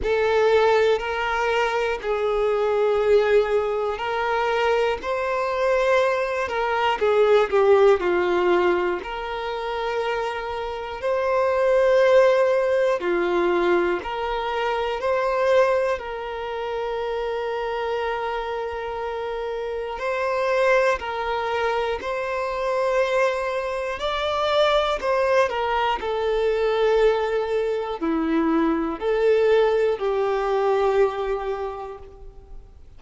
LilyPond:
\new Staff \with { instrumentName = "violin" } { \time 4/4 \tempo 4 = 60 a'4 ais'4 gis'2 | ais'4 c''4. ais'8 gis'8 g'8 | f'4 ais'2 c''4~ | c''4 f'4 ais'4 c''4 |
ais'1 | c''4 ais'4 c''2 | d''4 c''8 ais'8 a'2 | e'4 a'4 g'2 | }